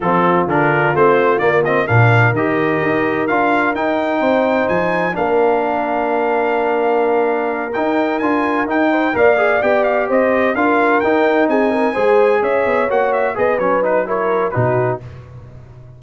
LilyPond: <<
  \new Staff \with { instrumentName = "trumpet" } { \time 4/4 \tempo 4 = 128 a'4 ais'4 c''4 d''8 dis''8 | f''4 dis''2 f''4 | g''2 gis''4 f''4~ | f''1~ |
f''8 g''4 gis''4 g''4 f''8~ | f''8 g''8 f''8 dis''4 f''4 g''8~ | g''8 gis''2 e''4 fis''8 | e''8 dis''8 cis''8 b'8 cis''4 b'4 | }
  \new Staff \with { instrumentName = "horn" } { \time 4/4 f'1 | ais'1~ | ais'4 c''2 ais'4~ | ais'1~ |
ais'2. c''8 d''8~ | d''4. c''4 ais'4.~ | ais'8 gis'8 ais'8 c''4 cis''4.~ | cis''8 b'4. ais'4 fis'4 | }
  \new Staff \with { instrumentName = "trombone" } { \time 4/4 c'4 d'4 c'4 ais8 c'8 | d'4 g'2 f'4 | dis'2. d'4~ | d'1~ |
d'8 dis'4 f'4 dis'4 ais'8 | gis'8 g'2 f'4 dis'8~ | dis'4. gis'2 fis'8~ | fis'8 gis'8 cis'8 dis'8 e'4 dis'4 | }
  \new Staff \with { instrumentName = "tuba" } { \time 4/4 f4 d4 a4 ais4 | ais,4 dis4 dis'4 d'4 | dis'4 c'4 f4 ais4~ | ais1~ |
ais8 dis'4 d'4 dis'4 ais8~ | ais8 b4 c'4 d'4 dis'8~ | dis'8 c'4 gis4 cis'8 b8 ais8~ | ais8 b8 fis2 b,4 | }
>>